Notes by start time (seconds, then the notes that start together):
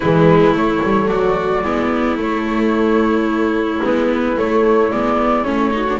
0.00 E3 G#3 E4 B4
0.52 A3 C#5
0.83 G3
1.07 F#3 F#4 D5
1.62 G#3 B3 E4
2.16 A3 C#5
3.83 G#3 B3 B4
4.37 A3 C#5
4.91 G#3 B3 D5
5.44 A3 C#4 C#5
5.71 D#4 F#4
5.89 D4